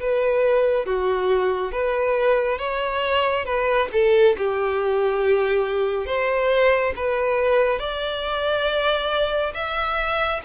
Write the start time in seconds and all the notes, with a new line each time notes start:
0.00 B4
0.85 F#4
1.72 B4
2.58 C#5
3.45 B4
3.92 A4
4.37 G4
6.06 C5
6.96 B4
7.79 D5
9.54 E5